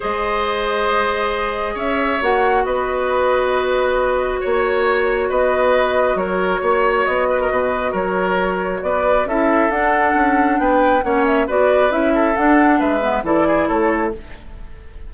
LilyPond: <<
  \new Staff \with { instrumentName = "flute" } { \time 4/4 \tempo 4 = 136 dis''1 | e''4 fis''4 dis''2~ | dis''2 cis''2 | dis''2 cis''2 |
dis''2 cis''2 | d''4 e''4 fis''2 | g''4 fis''8 e''8 d''4 e''4 | fis''4 e''4 d''4 cis''4 | }
  \new Staff \with { instrumentName = "oboe" } { \time 4/4 c''1 | cis''2 b'2~ | b'2 cis''2 | b'2 ais'4 cis''4~ |
cis''8 b'16 ais'16 b'4 ais'2 | b'4 a'2. | b'4 cis''4 b'4. a'8~ | a'4 b'4 a'8 gis'8 a'4 | }
  \new Staff \with { instrumentName = "clarinet" } { \time 4/4 gis'1~ | gis'4 fis'2.~ | fis'1~ | fis'1~ |
fis'1~ | fis'4 e'4 d'2~ | d'4 cis'4 fis'4 e'4 | d'4. b8 e'2 | }
  \new Staff \with { instrumentName = "bassoon" } { \time 4/4 gis1 | cis'4 ais4 b2~ | b2 ais2 | b2 fis4 ais4 |
b4 b,4 fis2 | b4 cis'4 d'4 cis'4 | b4 ais4 b4 cis'4 | d'4 gis4 e4 a4 | }
>>